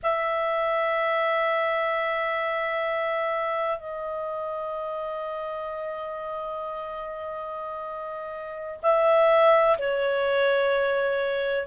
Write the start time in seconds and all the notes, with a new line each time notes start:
0.03 E5
3.78 D#5
8.82 E5
9.78 C#5